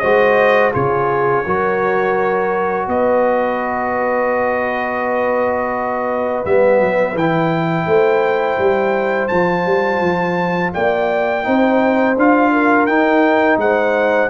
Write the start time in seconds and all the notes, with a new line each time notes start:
0.00 G#3 F#4 C5 D#5
0.73 C#3 F4 G#4 C#5
1.46 F#3 F#4 A#4
2.88 B3 B4 D#5
6.45 G3 B3 E5
6.81 F#3
7.15 E3 E4 G5
7.87 A3 C5
8.58 G3
9.28 F3 F4 A5
9.66 G3
10.01 F3
10.74 A#3 D5 G5
11.44 C4 D#4 C5
12.17 D4 F4 F5
12.53 A#4
12.86 D#4 G5
13.57 G#3 C5 F#5